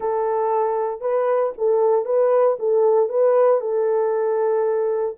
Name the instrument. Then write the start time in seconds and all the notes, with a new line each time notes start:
horn
0.00 A4
1.00 B4
1.57 A4
2.05 B4
2.59 A4
3.09 B4
3.61 A4